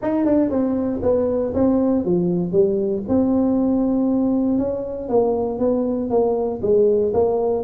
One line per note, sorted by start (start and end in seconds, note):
0.01 0.25 D#4
0.25 0.49 D4
0.49 1.00 C4
1.02 1.53 B3
1.53 2.04 C4
2.05 2.51 F3
2.51 3.02 G3
3.08 4.58 C4
4.58 5.08 C#4
5.08 5.59 A#3
5.59 6.09 B3
6.09 6.60 A#3
6.61 7.12 G#3
7.13 7.63 A#3